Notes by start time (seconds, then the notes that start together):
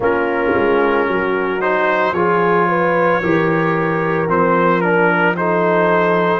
0.00 A#3 C#4 F4 A#4
0.54 G#3
1.07 F#3 F#4
1.60 D#4 C5
2.12 F3 F4 G#4 C#5
2.68 B4
3.21 E3 G4 A#4
4.28 F3 C4 C5
4.81 D4 A#4
5.36 D#4 A4 C5